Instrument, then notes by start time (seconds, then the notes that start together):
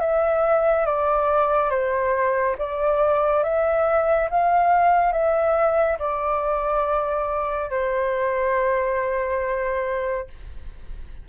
flute
0.00 E5
0.86 D5
1.70 C5
2.58 D5
3.43 E5
4.31 F5
5.12 E5
5.99 D5
7.70 C5